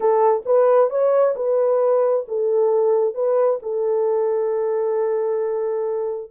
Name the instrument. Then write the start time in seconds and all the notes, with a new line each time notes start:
horn
0.00 A4
0.45 B4
0.89 C#5
1.35 B4
2.27 A4
3.14 B4
3.62 A4